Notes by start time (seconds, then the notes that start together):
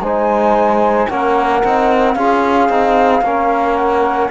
0.00 G#3 D#4 C5 G#5
1.09 A#3 C#4 A#4 F#5
1.63 C4 D#4
2.15 C#4 F4 G#4 F5
2.69 C4 D#4
3.22 A#3 C#4 A#4
3.75 F#5